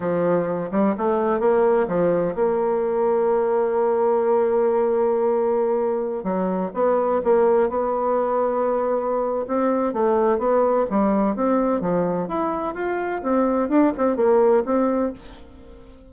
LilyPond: \new Staff \with { instrumentName = "bassoon" } { \time 4/4 \tempo 4 = 127 f4. g8 a4 ais4 | f4 ais2.~ | ais1~ | ais4~ ais16 fis4 b4 ais8.~ |
ais16 b2.~ b8. | c'4 a4 b4 g4 | c'4 f4 e'4 f'4 | c'4 d'8 c'8 ais4 c'4 | }